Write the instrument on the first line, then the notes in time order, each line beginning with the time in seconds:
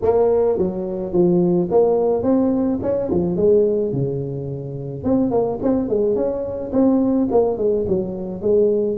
tuba
0.02 A#3
0.58 F#3
1.12 F3
1.71 A#3
2.23 C4
2.82 C#4
3.10 F3
3.36 G#3
3.92 C#3
5.03 C4
5.30 A#3
5.62 C4
5.88 G#3
6.15 C#4
6.72 C4
7.31 A#3
7.57 G#3
7.88 F#3
8.41 G#3